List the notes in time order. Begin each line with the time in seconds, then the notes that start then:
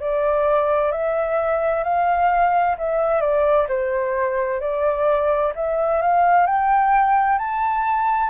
0.00 D5
0.91 E5
1.83 F5
2.78 E5
3.21 D5
3.68 C5
4.60 D5
5.55 E5
6.01 F5
6.46 G5
7.38 A5